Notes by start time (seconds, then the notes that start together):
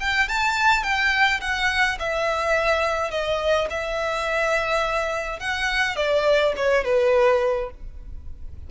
0.00 G5
0.28 A5
0.83 G5
1.41 F#5
1.99 E5
3.11 D#5
3.70 E5
5.39 F#5
5.96 D5
6.56 C#5
6.84 B4